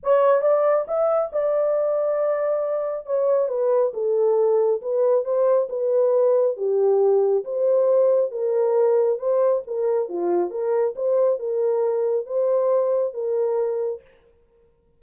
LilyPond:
\new Staff \with { instrumentName = "horn" } { \time 4/4 \tempo 4 = 137 cis''4 d''4 e''4 d''4~ | d''2. cis''4 | b'4 a'2 b'4 | c''4 b'2 g'4~ |
g'4 c''2 ais'4~ | ais'4 c''4 ais'4 f'4 | ais'4 c''4 ais'2 | c''2 ais'2 | }